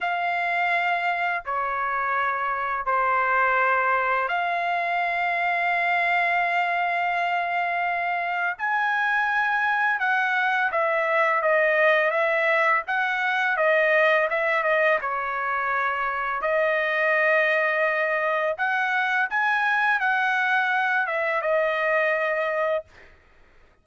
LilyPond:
\new Staff \with { instrumentName = "trumpet" } { \time 4/4 \tempo 4 = 84 f''2 cis''2 | c''2 f''2~ | f''1 | gis''2 fis''4 e''4 |
dis''4 e''4 fis''4 dis''4 | e''8 dis''8 cis''2 dis''4~ | dis''2 fis''4 gis''4 | fis''4. e''8 dis''2 | }